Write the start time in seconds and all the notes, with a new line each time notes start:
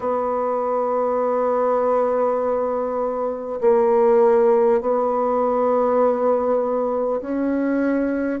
0.00 B3
3.60 A#3
4.81 B3
7.21 C#4